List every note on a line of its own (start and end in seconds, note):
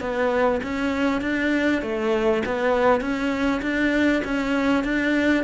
0.00 0.61 B3
0.63 1.21 C#4
1.21 1.82 D4
1.82 2.42 A3
2.45 3.01 B3
3.01 3.61 C#4
3.62 4.22 D4
4.25 4.84 C#4
4.84 5.44 D4